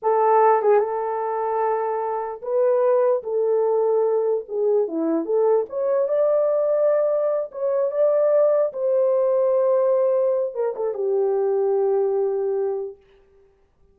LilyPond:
\new Staff \with { instrumentName = "horn" } { \time 4/4 \tempo 4 = 148 a'4. gis'8 a'2~ | a'2 b'2 | a'2. gis'4 | e'4 a'4 cis''4 d''4~ |
d''2~ d''8 cis''4 d''8~ | d''4. c''2~ c''8~ | c''2 ais'8 a'8 g'4~ | g'1 | }